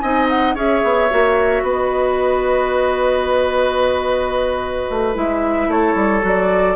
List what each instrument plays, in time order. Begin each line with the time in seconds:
0.00 bassoon C4, clarinet D#4, oboe D#5, flute G#5
0.29 flute F#5
0.55 bassoon C#4, clarinet G#4, oboe C#5, flute E5
0.84 bassoon B3
1.10 bassoon A#3, clarinet F#4
1.62 bassoon B3, oboe B4, flute D#5
4.90 bassoon A3
5.15 bassoon G#3, clarinet E4, flute E5
5.68 bassoon A3, oboe A4, flute C#5
5.95 bassoon G3
6.22 bassoon F#3, clarinet F#4, flute D5